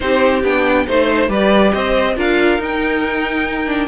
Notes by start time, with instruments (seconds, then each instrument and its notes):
0.00 cello C4, viola D#4, violin G4 C5
0.43 cello B3, viola D4, violin G5
0.86 cello A3, viola D#4, violin C5
1.28 cello G3, viola G4, violin B4 D5
1.73 cello C4, violin C5 D#5
2.16 cello D4, viola F4, violin A#4 F5
2.58 cello D#4, viola D#4, violin G5
3.66 viola D4